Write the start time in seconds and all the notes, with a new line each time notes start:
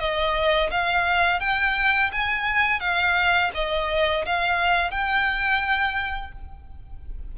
0.00 D#5
0.71 F5
1.41 G5
2.12 G#5
2.80 F5
3.55 D#5
4.26 F5
4.91 G5